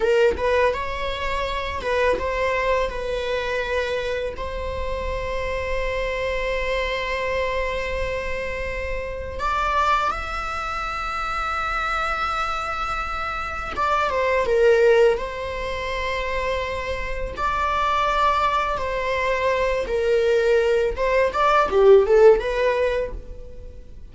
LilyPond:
\new Staff \with { instrumentName = "viola" } { \time 4/4 \tempo 4 = 83 ais'8 b'8 cis''4. b'8 c''4 | b'2 c''2~ | c''1~ | c''4 d''4 e''2~ |
e''2. d''8 c''8 | ais'4 c''2. | d''2 c''4. ais'8~ | ais'4 c''8 d''8 g'8 a'8 b'4 | }